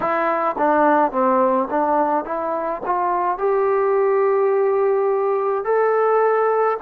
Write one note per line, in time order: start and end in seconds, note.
0.00 0.55 E4
0.58 1.11 D4
1.11 1.68 C4
1.70 2.24 D4
2.24 2.81 E4
2.85 3.38 F4
3.38 5.64 G4
5.64 6.77 A4